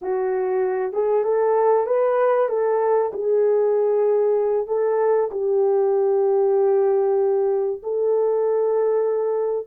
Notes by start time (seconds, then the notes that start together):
0.01 F#4
0.93 G#4
1.24 A4
1.86 B4
2.49 A4
3.12 G#4
4.67 A4
5.31 G4
7.83 A4